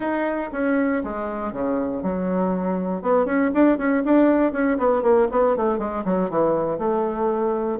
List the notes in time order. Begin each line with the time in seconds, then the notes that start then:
0.00 D#4
0.52 C#4
1.03 G#3
1.52 C#3
2.02 F#3
3.01 B3
3.25 C#4
3.53 D4
3.78 C#4
4.05 D4
4.52 C#4
4.77 B3
5.02 A#3
5.31 B3
5.56 A3
5.78 G#3
6.04 F#3
6.30 E3
6.78 A3